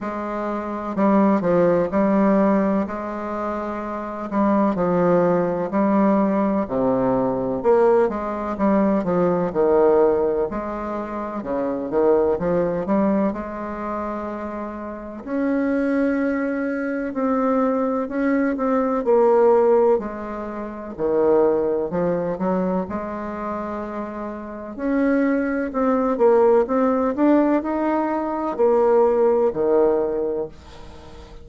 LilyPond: \new Staff \with { instrumentName = "bassoon" } { \time 4/4 \tempo 4 = 63 gis4 g8 f8 g4 gis4~ | gis8 g8 f4 g4 c4 | ais8 gis8 g8 f8 dis4 gis4 | cis8 dis8 f8 g8 gis2 |
cis'2 c'4 cis'8 c'8 | ais4 gis4 dis4 f8 fis8 | gis2 cis'4 c'8 ais8 | c'8 d'8 dis'4 ais4 dis4 | }